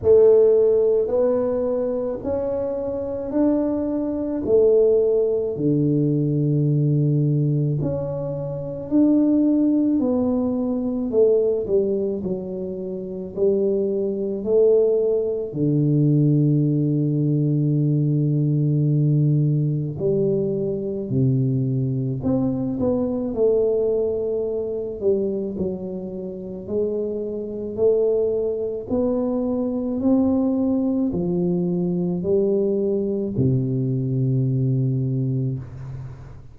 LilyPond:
\new Staff \with { instrumentName = "tuba" } { \time 4/4 \tempo 4 = 54 a4 b4 cis'4 d'4 | a4 d2 cis'4 | d'4 b4 a8 g8 fis4 | g4 a4 d2~ |
d2 g4 c4 | c'8 b8 a4. g8 fis4 | gis4 a4 b4 c'4 | f4 g4 c2 | }